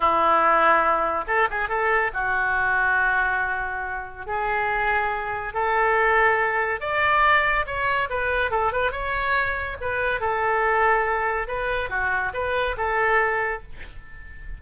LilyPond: \new Staff \with { instrumentName = "oboe" } { \time 4/4 \tempo 4 = 141 e'2. a'8 gis'8 | a'4 fis'2.~ | fis'2 gis'2~ | gis'4 a'2. |
d''2 cis''4 b'4 | a'8 b'8 cis''2 b'4 | a'2. b'4 | fis'4 b'4 a'2 | }